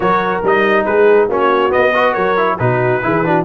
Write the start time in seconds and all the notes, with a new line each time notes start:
0.00 F#3 F#4 A#4 C#5
0.43 G3 D#4 D#5
0.85 G#3 G#4 B4
1.28 A#3 C#4 F#4 C#5
1.69 B3 D#5
1.76 B3
1.94 F#4 B4
2.12 F#3 A#4 C#5
2.36 E4
2.58 B2 D#4 F#4 B4
3.01 E3 E4 G#4
3.23 D4 F#4